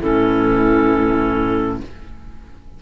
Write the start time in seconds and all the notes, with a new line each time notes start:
0.00 A2 E3 C#4 A4